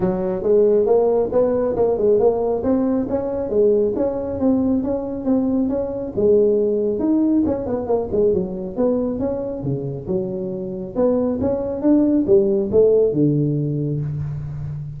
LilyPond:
\new Staff \with { instrumentName = "tuba" } { \time 4/4 \tempo 4 = 137 fis4 gis4 ais4 b4 | ais8 gis8 ais4 c'4 cis'4 | gis4 cis'4 c'4 cis'4 | c'4 cis'4 gis2 |
dis'4 cis'8 b8 ais8 gis8 fis4 | b4 cis'4 cis4 fis4~ | fis4 b4 cis'4 d'4 | g4 a4 d2 | }